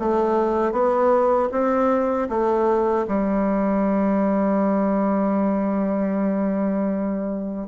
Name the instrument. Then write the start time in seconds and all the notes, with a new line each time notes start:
bassoon
0.00 A3
0.72 B3
1.52 C4
2.29 A3
3.08 G3